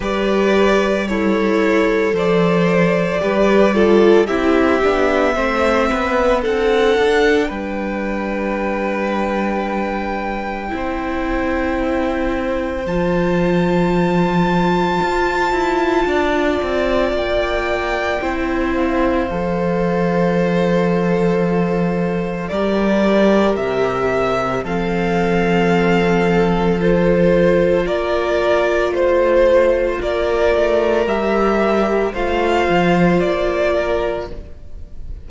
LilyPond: <<
  \new Staff \with { instrumentName = "violin" } { \time 4/4 \tempo 4 = 56 d''4 cis''4 d''2 | e''2 fis''4 g''4~ | g''1 | a''1 |
g''4. f''2~ f''8~ | f''4 d''4 e''4 f''4~ | f''4 c''4 d''4 c''4 | d''4 e''4 f''4 d''4 | }
  \new Staff \with { instrumentName = "violin" } { \time 4/4 b'4 e'4 c''4 b'8 a'8 | g'4 c''8 b'8 a'4 b'4~ | b'2 c''2~ | c''2. d''4~ |
d''4 c''2.~ | c''4 ais'2 a'4~ | a'2 ais'4 c''4 | ais'2 c''4. ais'8 | }
  \new Staff \with { instrumentName = "viola" } { \time 4/4 g'4 a'2 g'8 f'8 | e'8 d'8 c'4 d'2~ | d'2 e'2 | f'1~ |
f'4 e'4 a'2~ | a'4 g'2 c'4~ | c'4 f'2.~ | f'4 g'4 f'2 | }
  \new Staff \with { instrumentName = "cello" } { \time 4/4 g2 f4 g4 | c'8 b8 a8 b8 c'8 d'8 g4~ | g2 c'2 | f2 f'8 e'8 d'8 c'8 |
ais4 c'4 f2~ | f4 g4 c4 f4~ | f2 ais4 a4 | ais8 a8 g4 a8 f8 ais4 | }
>>